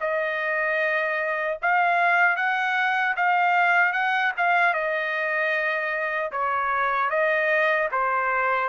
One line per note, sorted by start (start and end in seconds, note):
0.00 1.58 D#5
1.62 2.36 F5
2.36 3.15 F#5
3.16 3.93 F5
3.93 4.32 F#5
4.37 4.73 F5
4.73 6.31 D#5
6.32 7.09 C#5
7.09 7.88 D#5
7.92 8.69 C5